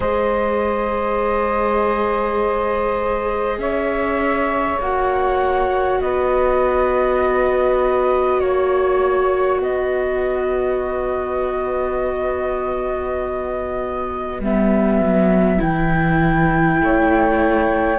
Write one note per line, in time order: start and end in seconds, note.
0.00 3.58 G#3
0.00 4.78 G#4
0.00 3.58 C5
0.00 3.59 D#5
3.58 4.78 C#4
3.58 6.00 C#5
3.58 4.79 E5
4.80 6.00 A#3
4.80 14.42 F#4
4.80 6.00 F#5
6.00 8.40 B3
6.00 8.42 B4
6.00 8.39 D#5
8.39 9.60 A#3
8.39 9.60 C#5
8.39 9.61 C#5
9.60 14.40 B3
9.60 16.81 B4
9.60 14.42 D#5
14.40 15.00 G3
14.40 15.58 B3
14.40 15.61 E5
15.00 15.60 F#3
15.58 16.81 E3
15.58 17.98 E4
15.58 17.99 G5
16.81 17.99 A3
16.81 17.99 C#5